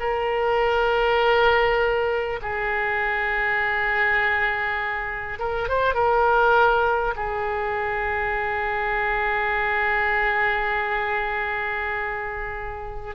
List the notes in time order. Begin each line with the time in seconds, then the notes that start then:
0.00 A#4
2.42 G#4
5.39 A#4
5.68 C5
5.94 A#4
7.16 G#4